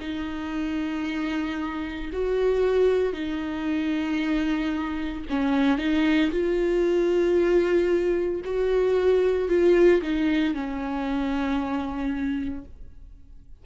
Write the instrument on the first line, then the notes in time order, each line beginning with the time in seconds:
viola
0.00 D#4
2.12 F#4
3.13 D#4
5.30 C#4
5.78 D#4
6.31 F4
8.44 F#4
9.48 F4
10.01 D#4
10.54 C#4